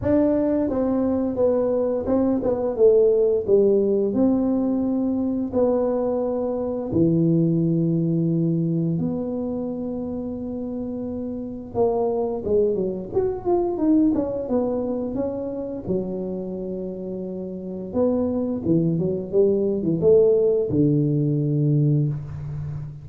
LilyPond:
\new Staff \with { instrumentName = "tuba" } { \time 4/4 \tempo 4 = 87 d'4 c'4 b4 c'8 b8 | a4 g4 c'2 | b2 e2~ | e4 b2.~ |
b4 ais4 gis8 fis8 fis'8 f'8 | dis'8 cis'8 b4 cis'4 fis4~ | fis2 b4 e8 fis8 | g8. e16 a4 d2 | }